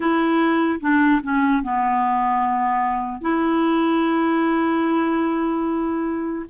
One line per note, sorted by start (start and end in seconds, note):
0.00 0.80 E4
0.80 1.21 D4
1.22 1.63 C#4
1.63 3.21 B3
3.21 6.45 E4